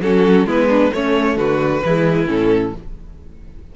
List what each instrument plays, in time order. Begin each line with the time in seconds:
0.00 cello F#3, viola C#4, violin F#4 A4
0.45 cello G#3, viola B3, violin E4 B4
0.68 violin D4
0.91 viola A3, cello A3, violin C#4 C#5
1.36 cello D3, violin F#4 B4
1.84 cello E3, viola G#3, violin E4
2.27 cello A2, viola C#4, violin A4